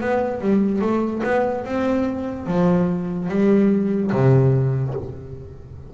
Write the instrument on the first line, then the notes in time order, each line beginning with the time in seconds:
double bass
0.00 B3
0.40 G3
0.81 A3
1.23 B3
1.64 C4
2.46 F3
3.29 G3
4.12 C3